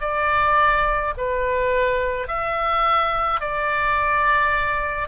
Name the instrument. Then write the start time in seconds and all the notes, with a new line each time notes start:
oboe
0.00 D5
1.17 B4
2.27 E5
3.40 D5